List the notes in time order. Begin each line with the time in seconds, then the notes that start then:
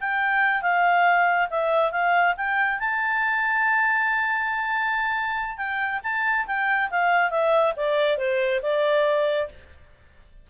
0.00 G5
0.62 F5
1.50 E5
1.91 F5
2.36 G5
2.79 A5
5.57 G5
6.03 A5
6.46 G5
6.90 F5
7.30 E5
7.76 D5
8.17 C5
8.62 D5